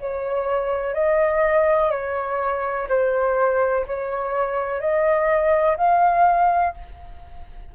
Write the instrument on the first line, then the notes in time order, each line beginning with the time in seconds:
flute
0.00 C#5
0.94 D#5
1.91 C#5
2.89 C5
3.87 C#5
4.80 D#5
5.77 F5